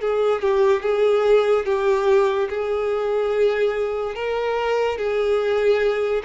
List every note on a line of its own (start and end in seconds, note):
0.00 0.41 G#4
0.41 0.81 G4
0.81 1.65 G#4
1.65 2.48 G4
2.49 4.14 G#4
4.14 4.97 A#4
4.97 6.22 G#4